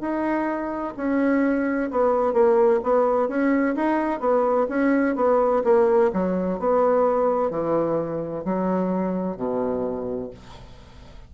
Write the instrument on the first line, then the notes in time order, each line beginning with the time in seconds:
bassoon
0.00 D#4
0.96 C#4
1.91 B3
2.33 A#3
2.83 B3
3.28 C#4
3.75 D#4
4.20 B3
4.69 C#4
5.16 B3
5.64 A#3
6.13 F#3
6.59 B3
7.50 E3
8.45 F#3
9.36 B2